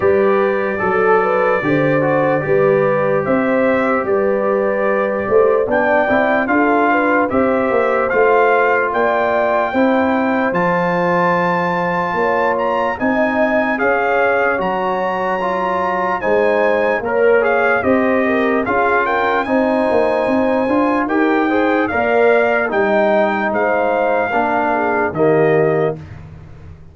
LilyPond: <<
  \new Staff \with { instrumentName = "trumpet" } { \time 4/4 \tempo 4 = 74 d''1 | e''4 d''2 g''4 | f''4 e''4 f''4 g''4~ | g''4 a''2~ a''8 ais''8 |
gis''4 f''4 ais''2 | gis''4 ais'8 f''8 dis''4 f''8 g''8 | gis''2 g''4 f''4 | g''4 f''2 dis''4 | }
  \new Staff \with { instrumentName = "horn" } { \time 4/4 b'4 a'8 b'8 c''4 b'4 | c''4 b'4. c''8 d''4 | a'8 b'8 c''2 d''4 | c''2. cis''4 |
dis''4 cis''2. | c''4 cis''4 c''8 ais'8 gis'8 ais'8 | c''2 ais'8 c''8 d''4 | dis''4 c''4 ais'8 gis'8 g'4 | }
  \new Staff \with { instrumentName = "trombone" } { \time 4/4 g'4 a'4 g'8 fis'8 g'4~ | g'2. d'8 e'8 | f'4 g'4 f'2 | e'4 f'2. |
dis'4 gis'4 fis'4 f'4 | dis'4 ais'8 gis'8 g'4 f'4 | dis'4. f'8 g'8 gis'8 ais'4 | dis'2 d'4 ais4 | }
  \new Staff \with { instrumentName = "tuba" } { \time 4/4 g4 fis4 d4 g4 | c'4 g4. a8 b8 c'8 | d'4 c'8 ais8 a4 ais4 | c'4 f2 ais4 |
c'4 cis'4 fis2 | gis4 ais4 c'4 cis'4 | c'8 ais8 c'8 d'8 dis'4 ais4 | g4 gis4 ais4 dis4 | }
>>